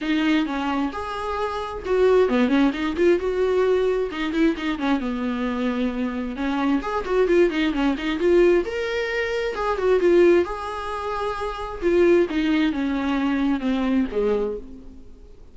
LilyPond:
\new Staff \with { instrumentName = "viola" } { \time 4/4 \tempo 4 = 132 dis'4 cis'4 gis'2 | fis'4 b8 cis'8 dis'8 f'8 fis'4~ | fis'4 dis'8 e'8 dis'8 cis'8 b4~ | b2 cis'4 gis'8 fis'8 |
f'8 dis'8 cis'8 dis'8 f'4 ais'4~ | ais'4 gis'8 fis'8 f'4 gis'4~ | gis'2 f'4 dis'4 | cis'2 c'4 gis4 | }